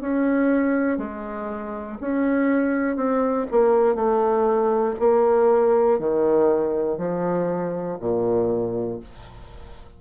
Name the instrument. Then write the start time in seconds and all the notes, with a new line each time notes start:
bassoon
0.00 C#4
0.97 G#3
2.00 C#4
2.96 C4
3.51 A#3
3.95 A3
4.99 A#3
5.99 D#3
6.97 F3
7.99 A#2